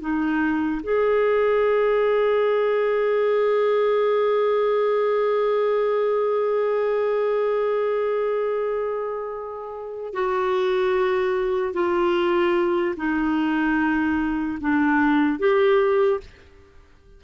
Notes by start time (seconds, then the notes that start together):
0.00 D#4
0.83 G#4
10.13 F#4
11.73 F4
12.96 D#4
14.60 D4
15.39 G4